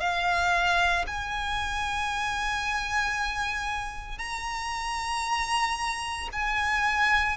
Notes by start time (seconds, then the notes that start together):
0.00 F5
1.07 G#5
4.18 A#5
6.33 G#5